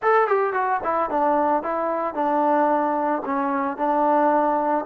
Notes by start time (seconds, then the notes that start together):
0.02 A4
0.27 G4
0.53 F#4
0.83 E4
1.10 D4
1.62 E4
2.14 D4
3.25 C#4
3.77 D4